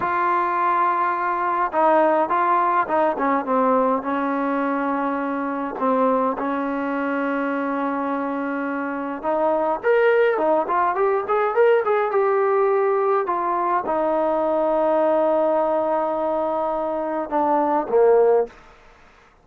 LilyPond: \new Staff \with { instrumentName = "trombone" } { \time 4/4 \tempo 4 = 104 f'2. dis'4 | f'4 dis'8 cis'8 c'4 cis'4~ | cis'2 c'4 cis'4~ | cis'1 |
dis'4 ais'4 dis'8 f'8 g'8 gis'8 | ais'8 gis'8 g'2 f'4 | dis'1~ | dis'2 d'4 ais4 | }